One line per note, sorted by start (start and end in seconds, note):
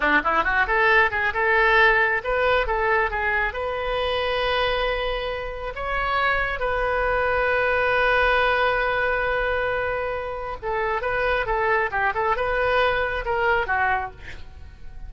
0.00 0.21 D4
0.24 0.44 E4
0.44 0.66 F#4
0.67 1.10 A4
1.10 1.33 G#4
1.33 2.21 A4
2.23 2.67 B4
2.67 3.10 A4
3.10 3.53 G#4
3.53 5.73 B4
5.75 6.59 C#5
6.59 10.56 B4
10.62 11.01 A4
11.01 11.45 B4
11.46 11.90 A4
11.91 12.13 G4
12.14 12.36 A4
12.36 13.24 B4
13.25 13.66 A#4
13.66 14.10 F#4